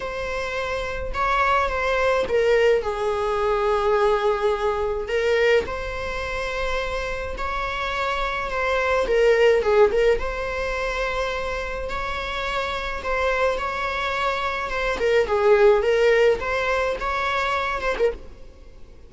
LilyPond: \new Staff \with { instrumentName = "viola" } { \time 4/4 \tempo 4 = 106 c''2 cis''4 c''4 | ais'4 gis'2.~ | gis'4 ais'4 c''2~ | c''4 cis''2 c''4 |
ais'4 gis'8 ais'8 c''2~ | c''4 cis''2 c''4 | cis''2 c''8 ais'8 gis'4 | ais'4 c''4 cis''4. c''16 ais'16 | }